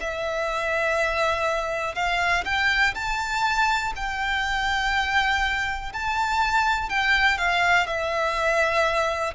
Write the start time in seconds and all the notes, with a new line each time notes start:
0.00 E5
1.95 F5
2.45 G5
2.95 A5
3.96 G5
5.93 A5
6.89 G5
7.38 F5
7.86 E5